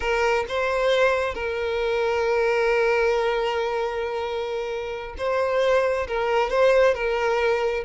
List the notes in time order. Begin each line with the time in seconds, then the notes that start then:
0.00 A#4
0.48 C5
1.34 A#4
5.17 C5
6.07 A#4
6.50 C5
6.94 A#4